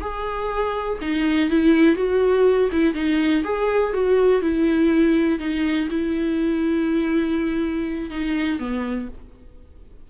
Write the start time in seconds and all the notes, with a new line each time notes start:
0.00 G#4
1.01 D#4
1.50 E4
1.95 F#4
2.72 E4
2.94 D#4
3.44 G#4
3.93 F#4
4.41 E4
5.39 D#4
5.90 E4
8.10 D#4
8.59 B3